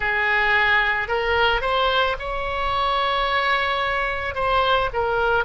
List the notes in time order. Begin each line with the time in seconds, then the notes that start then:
0.00 G#4
1.08 A#4
1.61 C5
2.19 C#5
4.34 C5
4.93 A#4